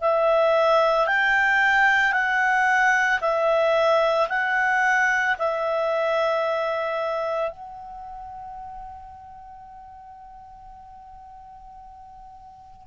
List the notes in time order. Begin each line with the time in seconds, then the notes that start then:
0.00 E5
1.07 G5
2.12 F#5
3.21 E5
4.29 F#5
5.38 E5
7.50 F#5